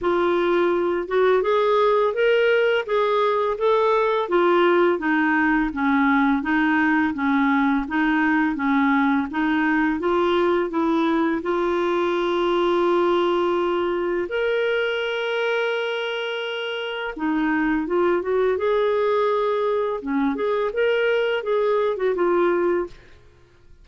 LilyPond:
\new Staff \with { instrumentName = "clarinet" } { \time 4/4 \tempo 4 = 84 f'4. fis'8 gis'4 ais'4 | gis'4 a'4 f'4 dis'4 | cis'4 dis'4 cis'4 dis'4 | cis'4 dis'4 f'4 e'4 |
f'1 | ais'1 | dis'4 f'8 fis'8 gis'2 | cis'8 gis'8 ais'4 gis'8. fis'16 f'4 | }